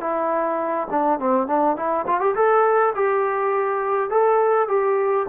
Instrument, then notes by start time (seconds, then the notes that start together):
trombone
0.00 E4
0.90 D4
1.19 C4
1.47 D4
1.76 E4
2.07 F4
2.20 G4
2.35 A4
2.95 G4
4.10 A4
4.68 G4